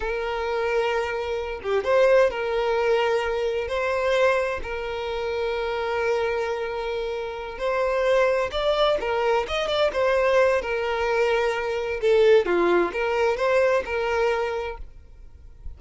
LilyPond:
\new Staff \with { instrumentName = "violin" } { \time 4/4 \tempo 4 = 130 ais'2.~ ais'8 g'8 | c''4 ais'2. | c''2 ais'2~ | ais'1~ |
ais'8 c''2 d''4 ais'8~ | ais'8 dis''8 d''8 c''4. ais'4~ | ais'2 a'4 f'4 | ais'4 c''4 ais'2 | }